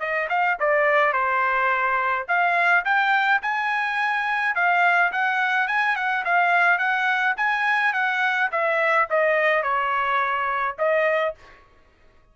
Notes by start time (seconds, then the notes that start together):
0.00 D#5
0.29 F5
0.60 D5
1.13 C5
2.28 F5
2.85 G5
3.42 G#5
4.55 F5
5.12 F#5
5.68 G#5
5.96 F#5
6.25 F5
6.78 F#5
7.37 G#5
7.93 F#5
8.52 E5
9.10 D#5
9.63 C#5
10.79 D#5